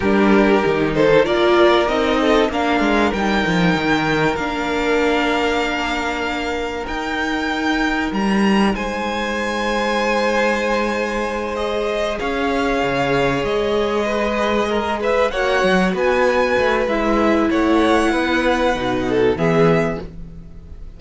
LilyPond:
<<
  \new Staff \with { instrumentName = "violin" } { \time 4/4 \tempo 4 = 96 ais'4. c''8 d''4 dis''4 | f''4 g''2 f''4~ | f''2. g''4~ | g''4 ais''4 gis''2~ |
gis''2~ gis''8 dis''4 f''8~ | f''4. dis''2~ dis''8 | e''8 fis''4 gis''4. e''4 | fis''2. e''4 | }
  \new Staff \with { instrumentName = "violin" } { \time 4/4 g'4. a'8 ais'4. a'8 | ais'1~ | ais'1~ | ais'2 c''2~ |
c''2.~ c''8 cis''8~ | cis''2~ cis''8 b'4 ais'8 | b'8 cis''4 b'2~ b'8 | cis''4 b'4. a'8 gis'4 | }
  \new Staff \with { instrumentName = "viola" } { \time 4/4 d'4 dis'4 f'4 dis'4 | d'4 dis'2 d'4~ | d'2. dis'4~ | dis'1~ |
dis'2~ dis'8 gis'4.~ | gis'1~ | gis'8 fis'2~ fis'8 e'4~ | e'2 dis'4 b4 | }
  \new Staff \with { instrumentName = "cello" } { \time 4/4 g4 dis4 ais4 c'4 | ais8 gis8 g8 f8 dis4 ais4~ | ais2. dis'4~ | dis'4 g4 gis2~ |
gis2.~ gis8 cis'8~ | cis'8 cis4 gis2~ gis8~ | gis8 ais8 fis8 b4 a8 gis4 | a4 b4 b,4 e4 | }
>>